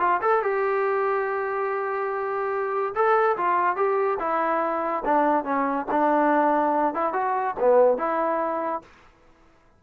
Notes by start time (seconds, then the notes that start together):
0.00 F4
0.22 A4
0.43 G4
2.95 A4
3.37 F4
3.76 G4
4.20 E4
5.05 D4
5.45 C#4
5.91 D4
6.94 E4
7.13 F#4
7.60 B3
7.98 E4